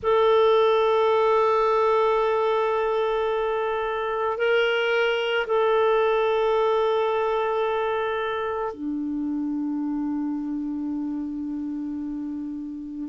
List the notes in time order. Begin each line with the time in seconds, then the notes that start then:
0.02 A4
4.37 A#4
5.46 A4
8.74 D4